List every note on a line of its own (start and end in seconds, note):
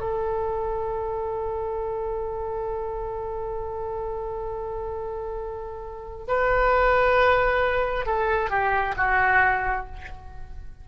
0.00 6.27 A4
6.27 8.06 B4
8.06 8.50 A4
8.50 8.95 G4
8.97 9.86 F#4